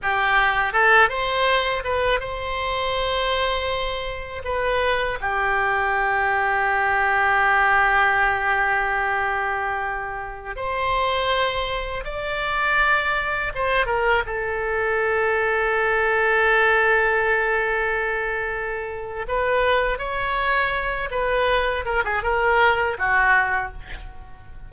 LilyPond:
\new Staff \with { instrumentName = "oboe" } { \time 4/4 \tempo 4 = 81 g'4 a'8 c''4 b'8 c''4~ | c''2 b'4 g'4~ | g'1~ | g'2~ g'16 c''4.~ c''16~ |
c''16 d''2 c''8 ais'8 a'8.~ | a'1~ | a'2 b'4 cis''4~ | cis''8 b'4 ais'16 gis'16 ais'4 fis'4 | }